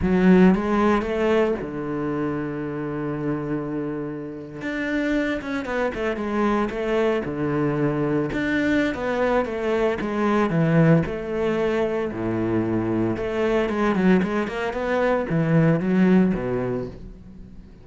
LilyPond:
\new Staff \with { instrumentName = "cello" } { \time 4/4 \tempo 4 = 114 fis4 gis4 a4 d4~ | d1~ | d8. d'4. cis'8 b8 a8 gis16~ | gis8. a4 d2 d'16~ |
d'4 b4 a4 gis4 | e4 a2 a,4~ | a,4 a4 gis8 fis8 gis8 ais8 | b4 e4 fis4 b,4 | }